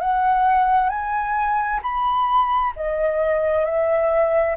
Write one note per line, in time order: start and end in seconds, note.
0.00 0.89 F#5
0.89 1.80 G#5
1.82 2.73 B5
2.76 3.64 D#5
3.64 4.55 E5